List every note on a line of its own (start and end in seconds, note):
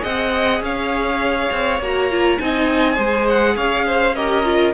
0.00 0.61 C4
0.00 1.76 G#4
0.00 0.62 D#5
0.00 0.62 F#5
0.61 1.49 C#4
0.61 2.41 C#5
0.61 1.82 F5
1.52 1.80 C4
1.80 2.38 A#3
1.80 2.11 F#4
1.80 2.39 A#5
2.11 2.39 F4
2.39 2.98 C4
2.39 2.96 D#4
2.39 2.95 D#5
2.39 3.27 G#5
2.95 3.57 G#3
2.95 4.13 G#4
2.95 3.54 C5
3.29 3.57 F#5
3.56 4.74 C#4
3.56 3.86 C#5
3.56 4.15 F5
3.87 4.16 C5
4.15 4.45 G4
4.15 4.74 A#4
4.15 4.74 D#5
4.45 4.74 F4